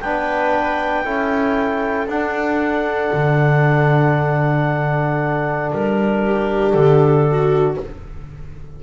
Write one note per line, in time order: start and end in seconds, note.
0.00 1.04 B3
0.00 1.04 D4
0.00 1.05 B4
0.00 2.07 G5
1.04 2.07 C#4
1.04 2.08 E4
1.04 6.22 A4
2.07 3.11 D4
2.07 7.78 D4
2.07 5.71 F#5
3.13 5.72 D3
5.71 6.73 G3
5.71 6.71 A#4
6.25 7.28 G4
6.71 7.77 D3
6.71 7.75 A4
7.31 7.83 F#4